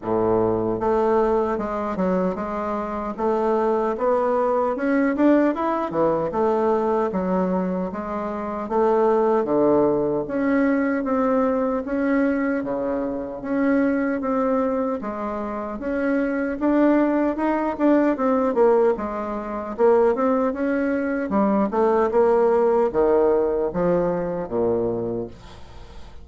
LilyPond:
\new Staff \with { instrumentName = "bassoon" } { \time 4/4 \tempo 4 = 76 a,4 a4 gis8 fis8 gis4 | a4 b4 cis'8 d'8 e'8 e8 | a4 fis4 gis4 a4 | d4 cis'4 c'4 cis'4 |
cis4 cis'4 c'4 gis4 | cis'4 d'4 dis'8 d'8 c'8 ais8 | gis4 ais8 c'8 cis'4 g8 a8 | ais4 dis4 f4 ais,4 | }